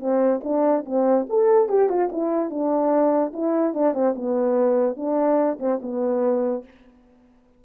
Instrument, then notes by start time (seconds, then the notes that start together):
horn
0.00 C4
0.44 D4
0.85 C4
1.29 A4
1.69 G4
1.89 F4
2.12 E4
2.50 D4
3.34 E4
3.74 D4
3.94 C4
4.16 B3
4.97 D4
5.60 C4
5.82 B3